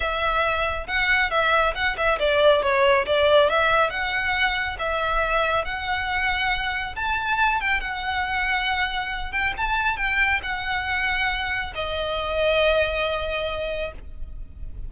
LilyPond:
\new Staff \with { instrumentName = "violin" } { \time 4/4 \tempo 4 = 138 e''2 fis''4 e''4 | fis''8 e''8 d''4 cis''4 d''4 | e''4 fis''2 e''4~ | e''4 fis''2. |
a''4. g''8 fis''2~ | fis''4. g''8 a''4 g''4 | fis''2. dis''4~ | dis''1 | }